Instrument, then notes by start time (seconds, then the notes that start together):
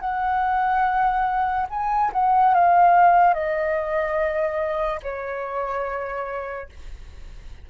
flute
0.00 F#5
1.70 G#5
2.13 F#5
2.54 F5
3.34 D#5
5.03 C#5